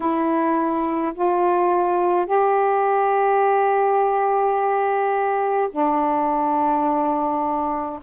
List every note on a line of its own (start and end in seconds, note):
0.00 1.13 E4
1.14 2.26 F4
2.26 5.69 G4
5.71 7.99 D4